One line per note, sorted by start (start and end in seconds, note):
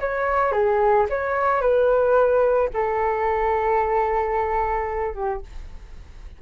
0.00 0.52 C#5
0.52 1.06 G#4
1.09 1.61 C#5
1.61 2.69 B4
2.73 5.14 A4
5.14 5.41 G4